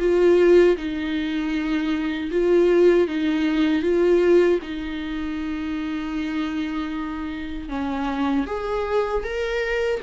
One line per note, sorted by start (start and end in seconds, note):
0.00 0.77 F4
0.77 2.31 D#4
2.31 3.08 F4
3.08 3.83 D#4
3.83 4.60 F4
4.62 7.69 D#4
7.69 8.46 C#4
8.47 9.24 G#4
9.24 10.01 A#4